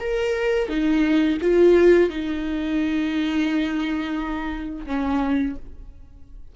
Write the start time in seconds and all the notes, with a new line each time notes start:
0.00 A#4
0.69 D#4
1.41 F4
2.10 D#4
4.87 C#4